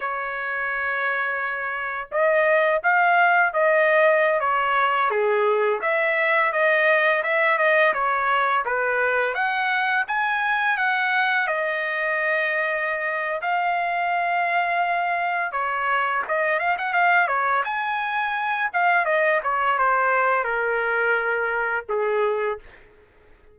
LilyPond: \new Staff \with { instrumentName = "trumpet" } { \time 4/4 \tempo 4 = 85 cis''2. dis''4 | f''4 dis''4~ dis''16 cis''4 gis'8.~ | gis'16 e''4 dis''4 e''8 dis''8 cis''8.~ | cis''16 b'4 fis''4 gis''4 fis''8.~ |
fis''16 dis''2~ dis''8. f''4~ | f''2 cis''4 dis''8 f''16 fis''16 | f''8 cis''8 gis''4. f''8 dis''8 cis''8 | c''4 ais'2 gis'4 | }